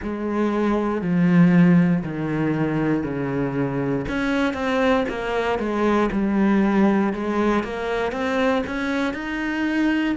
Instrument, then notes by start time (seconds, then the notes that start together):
cello
0.02 G#3
1.01 F3
2.03 D#3
3.03 C#3
4.08 C#4
4.53 C4
5.08 A#3
5.58 G#3
6.11 G3
7.13 G#3
7.63 A#3
8.12 C4
8.66 C#4
9.13 D#4